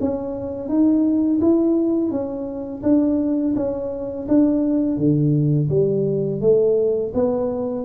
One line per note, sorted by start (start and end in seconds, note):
0.00 0.68 C#4
0.68 1.40 D#4
1.41 2.10 E4
2.10 2.82 C#4
2.83 3.54 D4
3.55 4.27 C#4
4.28 4.97 D4
4.97 5.69 D3
5.69 6.41 G3
6.41 7.12 A3
7.14 7.85 B3